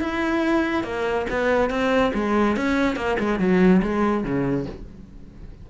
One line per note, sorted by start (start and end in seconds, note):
0.00 0.84 E4
0.84 1.26 A#3
1.30 1.70 B3
1.70 2.12 C4
2.14 2.56 G#3
2.56 2.96 C#4
2.96 3.17 A#3
3.19 3.39 G#3
3.39 3.81 F#3
3.82 4.24 G#3
4.24 4.66 C#3